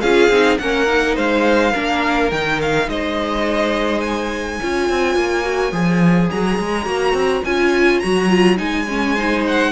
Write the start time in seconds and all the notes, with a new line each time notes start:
0.00 C#4 F4 G#4 F5
0.29 C4 D#4
0.58 A#3 C#4 A#4 F#5
0.87 D#4
1.14 G#3 C5 F5
1.71 A#3 D4 A#4
2.31 D#3 D#4 G5
2.61 F5
2.88 G#3 C5 D#5
4.00 G#5
4.59 C#4 F4 C#5
4.89 C4
5.15 A#3
5.43 F#4
5.72 F3 G#4
6.30 F#3 A#5
6.58 G#3
6.85 A#3 F#4
7.13 C4
7.44 C#4 F4 G#5
7.99 F#3 F#4 A#5
8.29 F4
8.56 G#3 D#4 G#5
8.88 C#4
9.14 D#4 C5
9.47 F#5